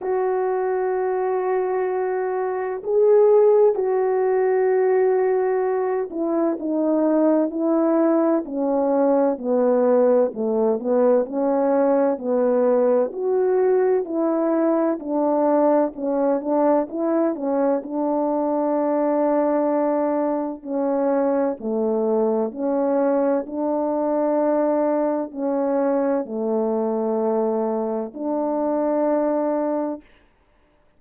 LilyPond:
\new Staff \with { instrumentName = "horn" } { \time 4/4 \tempo 4 = 64 fis'2. gis'4 | fis'2~ fis'8 e'8 dis'4 | e'4 cis'4 b4 a8 b8 | cis'4 b4 fis'4 e'4 |
d'4 cis'8 d'8 e'8 cis'8 d'4~ | d'2 cis'4 a4 | cis'4 d'2 cis'4 | a2 d'2 | }